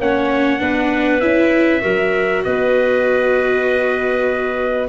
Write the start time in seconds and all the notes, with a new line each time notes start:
0.00 A#3 C#4 C#5 F#5
0.59 B3 D4 B4
1.21 C#4 E4 E5
1.82 F#3 F#4 A#4
2.44 B3 B4 D#5